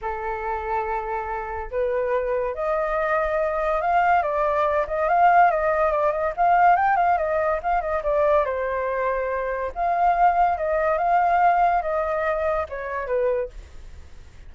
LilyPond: \new Staff \with { instrumentName = "flute" } { \time 4/4 \tempo 4 = 142 a'1 | b'2 dis''2~ | dis''4 f''4 d''4. dis''8 | f''4 dis''4 d''8 dis''8 f''4 |
g''8 f''8 dis''4 f''8 dis''8 d''4 | c''2. f''4~ | f''4 dis''4 f''2 | dis''2 cis''4 b'4 | }